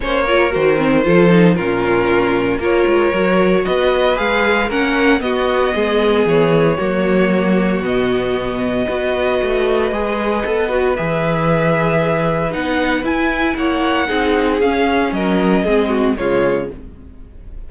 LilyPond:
<<
  \new Staff \with { instrumentName = "violin" } { \time 4/4 \tempo 4 = 115 cis''4 c''2 ais'4~ | ais'4 cis''2 dis''4 | f''4 fis''4 dis''2 | cis''2. dis''4~ |
dis''1~ | dis''4 e''2. | fis''4 gis''4 fis''2 | f''4 dis''2 cis''4 | }
  \new Staff \with { instrumentName = "violin" } { \time 4/4 c''8 ais'4. a'4 f'4~ | f'4 ais'2 b'4~ | b'4 ais'4 fis'4 gis'4~ | gis'4 fis'2.~ |
fis'4 b'2.~ | b'1~ | b'2 cis''4 gis'4~ | gis'4 ais'4 gis'8 fis'8 f'4 | }
  \new Staff \with { instrumentName = "viola" } { \time 4/4 cis'8 f'8 fis'8 c'8 f'8 dis'8 cis'4~ | cis'4 f'4 fis'2 | gis'4 cis'4 b2~ | b4 ais2 b4~ |
b4 fis'2 gis'4 | a'8 fis'8 gis'2. | dis'4 e'2 dis'4 | cis'2 c'4 gis4 | }
  \new Staff \with { instrumentName = "cello" } { \time 4/4 ais4 dis4 f4 ais,4~ | ais,4 ais8 gis8 fis4 b4 | gis4 ais4 b4 gis4 | e4 fis2 b,4~ |
b,4 b4 a4 gis4 | b4 e2. | b4 e'4 ais4 c'4 | cis'4 fis4 gis4 cis4 | }
>>